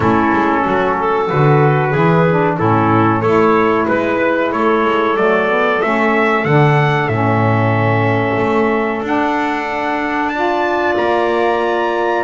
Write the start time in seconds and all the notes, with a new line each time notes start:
0.00 A3 C#4 E4 A4
0.33 G#3
0.63 F#3 F#4
0.98 A4
1.29 D3 F#4 B4
1.89 E3 E4 G#4
2.29 D4
2.57 A2 C#4 E4 A4
3.20 A3 E4 A4 C#5
3.86 G#3 B4
4.51 A3 A4 C#5
4.84 G#3
5.15 F#3 A3 D5
5.48 B3
5.81 A3 C#4 E5
6.44 D3 D4 F#5
7.07 A2 C#4 E5
8.37 A3
9.02 D4 F#5
10.29 F4 D5 A5
10.97 A#3 A#5